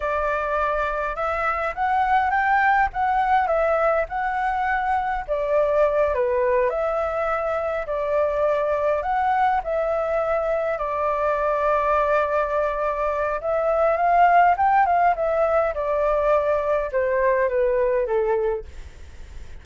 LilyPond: \new Staff \with { instrumentName = "flute" } { \time 4/4 \tempo 4 = 103 d''2 e''4 fis''4 | g''4 fis''4 e''4 fis''4~ | fis''4 d''4. b'4 e''8~ | e''4. d''2 fis''8~ |
fis''8 e''2 d''4.~ | d''2. e''4 | f''4 g''8 f''8 e''4 d''4~ | d''4 c''4 b'4 a'4 | }